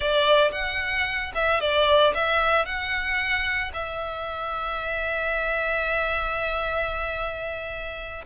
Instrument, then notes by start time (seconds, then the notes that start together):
violin
0.00 D5
0.52 F#5
1.34 E5
1.60 D5
2.14 E5
2.65 F#5
3.73 E5